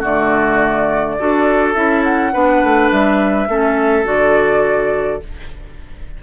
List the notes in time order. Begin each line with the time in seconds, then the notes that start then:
0.00 D3 A3 F#4 D5
1.19 D4 F#4 A4
1.74 C#4 E4 E5
2.03 F#5
2.33 B3 D4 B4
2.63 A3
2.91 G3 E5
3.48 A3 C#4 A4
4.04 D3 F#4 D5